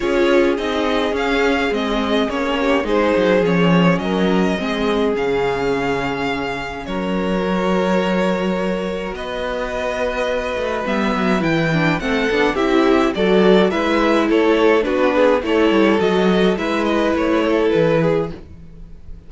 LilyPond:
<<
  \new Staff \with { instrumentName = "violin" } { \time 4/4 \tempo 4 = 105 cis''4 dis''4 f''4 dis''4 | cis''4 c''4 cis''4 dis''4~ | dis''4 f''2. | cis''1 |
dis''2. e''4 | g''4 fis''4 e''4 d''4 | e''4 cis''4 b'4 cis''4 | dis''4 e''8 dis''8 cis''4 b'4 | }
  \new Staff \with { instrumentName = "violin" } { \time 4/4 gis'1~ | gis'8 g'8 gis'2 ais'4 | gis'1 | ais'1 |
b'1~ | b'4 a'4 g'4 a'4 | b'4 a'4 fis'8 gis'8 a'4~ | a'4 b'4. a'4 gis'8 | }
  \new Staff \with { instrumentName = "viola" } { \time 4/4 f'4 dis'4 cis'4 c'4 | cis'4 dis'4 cis'2 | c'4 cis'2.~ | cis'4 fis'2.~ |
fis'2. b4 | e'8 d'8 c'8 d'8 e'4 fis'4 | e'2 d'4 e'4 | fis'4 e'2. | }
  \new Staff \with { instrumentName = "cello" } { \time 4/4 cis'4 c'4 cis'4 gis4 | ais4 gis8 fis8 f4 fis4 | gis4 cis2. | fis1 |
b2~ b8 a8 g8 fis8 | e4 a8 b8 c'4 fis4 | gis4 a4 b4 a8 g8 | fis4 gis4 a4 e4 | }
>>